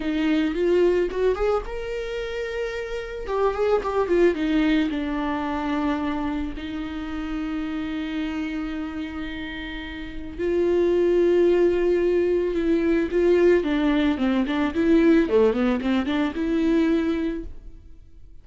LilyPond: \new Staff \with { instrumentName = "viola" } { \time 4/4 \tempo 4 = 110 dis'4 f'4 fis'8 gis'8 ais'4~ | ais'2 g'8 gis'8 g'8 f'8 | dis'4 d'2. | dis'1~ |
dis'2. f'4~ | f'2. e'4 | f'4 d'4 c'8 d'8 e'4 | a8 b8 c'8 d'8 e'2 | }